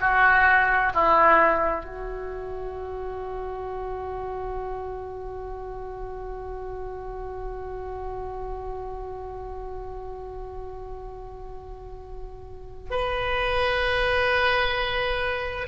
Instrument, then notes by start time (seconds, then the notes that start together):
oboe
0.00 F#4
0.94 E4
1.85 F#4
12.91 B4